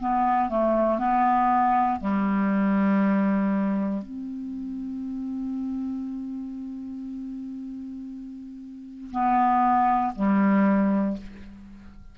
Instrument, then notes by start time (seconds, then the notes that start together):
clarinet
0.00 B3
0.49 A3
0.98 B3
2.01 G3
4.02 C4
9.12 B3
10.16 G3